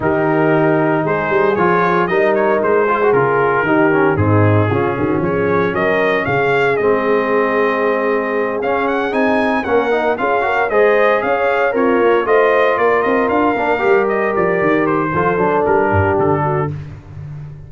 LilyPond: <<
  \new Staff \with { instrumentName = "trumpet" } { \time 4/4 \tempo 4 = 115 ais'2 c''4 cis''4 | dis''8 cis''8 c''4 ais'2 | gis'2 cis''4 dis''4 | f''4 dis''2.~ |
dis''8 f''8 fis''8 gis''4 fis''4 f''8~ | f''8 dis''4 f''4 cis''4 dis''8~ | dis''8 d''8 dis''8 f''4. dis''8 d''8~ | d''8 c''4. ais'4 a'4 | }
  \new Staff \with { instrumentName = "horn" } { \time 4/4 g'2 gis'2 | ais'4. gis'4. g'4 | dis'4 f'8 fis'8 gis'4 ais'4 | gis'1~ |
gis'2~ gis'8 ais'4 gis'8 | ais'8 c''4 cis''4 f'4 c''8~ | c''8 ais'2.~ ais'8~ | ais'4 a'4. g'4 fis'8 | }
  \new Staff \with { instrumentName = "trombone" } { \time 4/4 dis'2. f'4 | dis'4. f'16 fis'16 f'4 dis'8 cis'8 | c'4 cis'2.~ | cis'4 c'2.~ |
c'8 cis'4 dis'4 cis'8 dis'8 f'8 | fis'8 gis'2 ais'4 f'8~ | f'2 d'8 g'4.~ | g'4 f'8 d'2~ d'8 | }
  \new Staff \with { instrumentName = "tuba" } { \time 4/4 dis2 gis8 g8 f4 | g4 gis4 cis4 dis4 | gis,4 cis8 dis8 f4 fis4 | cis4 gis2.~ |
gis8 cis'4 c'4 ais4 cis'8~ | cis'8 gis4 cis'4 c'8 ais8 a8~ | a8 ais8 c'8 d'8 ais8 g4 f8 | dis4 f8 fis8 g8 g,8 d4 | }
>>